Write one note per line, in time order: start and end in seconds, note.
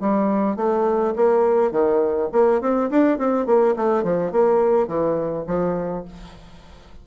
0.00 0.56 G3
0.56 1.14 A3
1.15 1.71 A#3
1.71 2.29 D#3
2.32 2.61 A#3
2.61 2.90 C4
2.90 3.18 D4
3.18 3.46 C4
3.46 3.74 A#3
3.76 4.03 A3
4.03 4.32 F3
4.32 4.87 A#3
4.87 5.45 E3
5.47 6.04 F3